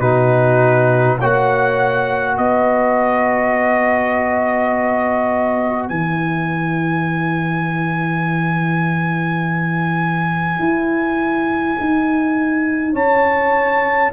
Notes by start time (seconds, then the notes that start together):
0.00 B2 D#4 F#4 B4
1.19 A#3 F#4 C#5 F#5
2.36 B3 B4 D#5
5.88 E3 E4 G#5
10.60 E4
11.80 D#4
12.93 C#4 C#5 A5